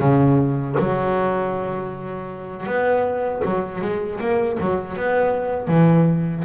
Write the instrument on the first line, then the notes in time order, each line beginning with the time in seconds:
double bass
0.00 C#3
0.79 F#3
2.67 B3
3.45 F#3
3.82 G#3
4.20 A#3
4.60 F#3
4.97 B3
5.68 E3